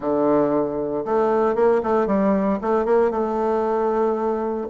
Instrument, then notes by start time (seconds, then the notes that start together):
bassoon
0.00 D3
1.05 A3
1.55 A#3
1.83 A3
2.06 G3
2.61 A3
2.85 A#3
3.10 A3